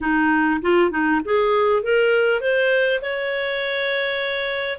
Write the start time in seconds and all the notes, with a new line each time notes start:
0.00 D#4
0.61 F4
0.90 D#4
1.24 G#4
1.82 A#4
2.41 C5
3.01 C#5